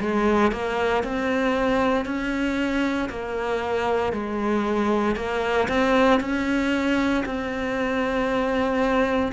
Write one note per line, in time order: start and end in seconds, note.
0.00 0.52 G#3
0.52 1.03 A#3
1.03 2.05 C4
2.05 3.09 C#4
3.09 4.13 A#3
4.13 5.16 G#3
5.16 5.68 A#3
5.68 6.20 C4
6.20 7.24 C#4
7.26 9.32 C4